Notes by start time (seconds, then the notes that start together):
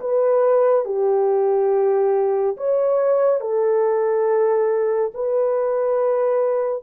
0.00 B4
0.85 G4
2.57 C#5
3.41 A4
5.14 B4